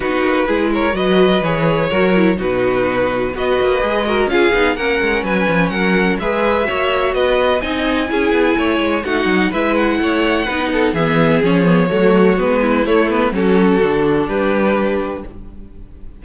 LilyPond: <<
  \new Staff \with { instrumentName = "violin" } { \time 4/4 \tempo 4 = 126 b'4. cis''8 dis''4 cis''4~ | cis''4 b'2 dis''4~ | dis''4 f''4 fis''4 gis''4 | fis''4 e''2 dis''4 |
gis''2. fis''4 | e''8 fis''2~ fis''8 e''4 | cis''2 b'4 cis''8 b'8 | a'2 b'2 | }
  \new Staff \with { instrumentName = "violin" } { \time 4/4 fis'4 gis'8 ais'8 b'2 | ais'4 fis'2 b'4~ | b'8 ais'8 gis'4 ais'4 b'4 | ais'4 b'4 cis''4 b'4 |
dis''4 gis'4 cis''4 fis'4 | b'4 cis''4 b'8 a'8 gis'4~ | gis'4 fis'4. e'4. | fis'2 g'2 | }
  \new Staff \with { instrumentName = "viola" } { \time 4/4 dis'4 e'4 fis'4 gis'4 | fis'8 e'8 dis'2 fis'4 | gis'8 fis'8 f'8 dis'8 cis'2~ | cis'4 gis'4 fis'2 |
dis'4 e'2 dis'4 | e'2 dis'4 b4 | cis'8 b8 a4 b4 a8 b8 | cis'4 d'2. | }
  \new Staff \with { instrumentName = "cello" } { \time 4/4 b8 ais8 gis4 fis4 e4 | fis4 b,2 b8 ais8 | gis4 cis'8 b8 ais8 gis8 fis8 f8 | fis4 gis4 ais4 b4 |
c'4 cis'8 b8 a8 gis8 a8 fis8 | gis4 a4 b4 e4 | f4 fis4 gis4 a4 | fis4 d4 g2 | }
>>